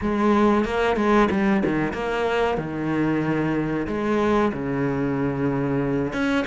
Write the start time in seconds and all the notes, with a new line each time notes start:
0.01 G#3
0.64 A#3
0.96 G#3
1.30 G3
1.65 D#3
1.93 A#3
2.57 D#3
3.87 G#3
4.52 C#3
6.12 C#4